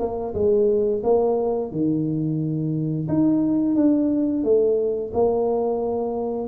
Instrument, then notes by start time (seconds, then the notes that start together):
tuba
0.00 A#3
0.34 G#3
1.04 A#3
1.72 D#3
3.09 D#4
3.76 D4
4.44 A3
5.14 A#3